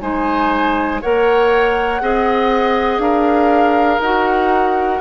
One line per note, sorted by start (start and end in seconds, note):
0.00 1.02 G#3
0.00 1.00 D#4
0.00 1.01 C5
0.00 1.01 G#5
1.01 2.01 A#3
1.01 2.01 A#4
1.01 2.01 C#5
1.01 3.00 F#5
2.01 2.98 C4
2.01 4.01 G#4
2.01 3.02 D#5
2.98 3.98 D4
2.98 5.00 A#4
2.98 4.00 F5
4.00 5.00 D#4
4.00 5.00 F#4
4.00 5.00 F#5